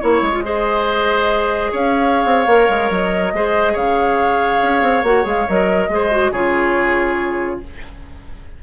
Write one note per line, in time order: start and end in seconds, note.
0.00 0.22 A#3
0.00 0.33 E4
0.00 0.43 C#5
0.00 0.44 C#5
0.22 1.72 G#3
0.33 0.43 F4
0.44 2.48 G#4
0.44 1.72 C5
0.44 1.74 D#5
1.72 2.25 C#4
1.72 3.33 C#5
1.72 2.91 F5
2.25 2.47 C4
2.47 2.68 A#3
2.47 3.34 A#4
2.69 2.90 G#3
2.90 3.33 F#3
2.90 3.76 D#5
3.33 3.76 G#3
3.33 5.06 G#4
3.33 3.73 C5
3.73 4.61 C#3
3.73 5.87 C#5
3.73 5.05 F5
4.63 4.82 C#4
4.82 5.04 C4
5.04 5.25 A#3
5.04 5.24 F#4
5.04 5.26 F#5
5.24 5.47 G#3
5.24 5.45 G#4
5.24 5.49 F5
5.49 5.89 F#3
5.49 5.91 A#4
5.49 6.32 D#5
5.89 6.32 G#3
5.89 6.12 G#4
5.89 6.32 C5
6.12 6.33 F#4
6.32 7.60 C#3
6.32 7.63 F4
6.32 7.60 G#4
6.32 7.61 C#5